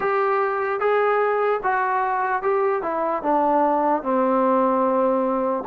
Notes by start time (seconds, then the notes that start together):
0.00 G4
0.80 G#4
1.63 F#4
2.42 G4
2.82 E4
3.22 D4
4.03 C4